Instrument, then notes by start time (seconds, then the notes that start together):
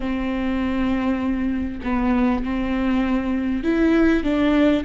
viola
0.00 C4
1.83 B3
2.44 C4
3.63 E4
4.23 D4